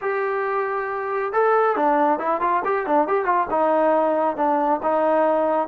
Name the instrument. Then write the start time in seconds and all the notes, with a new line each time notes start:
trombone
0.01 G4
1.32 A4
1.76 D4
2.19 E4
2.40 F4
2.64 G4
2.86 D4
3.07 G4
3.25 F4
3.50 D#4
4.36 D4
4.82 D#4